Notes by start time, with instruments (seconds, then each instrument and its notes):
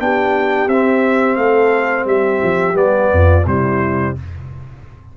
0.00 tuba B3, trombone D4, horn G4, trumpet G5
0.68 tuba C4, trombone C4, trumpet E5
1.36 tuba A3, horn A4, trumpet F5
2.05 tuba G3, horn G4, trumpet E5
2.44 tuba F3
2.74 tuba G3, trombone B3, trumpet D5
3.12 tuba F2, horn F4
3.46 tuba C3, trombone G3, horn E4, trumpet C5